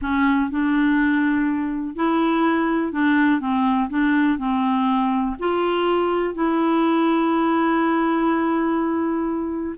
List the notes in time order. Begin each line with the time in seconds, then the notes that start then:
0.01 C#4
0.50 D4
1.95 E4
2.92 D4
3.40 C4
3.89 D4
4.38 C4
5.39 F4
6.34 E4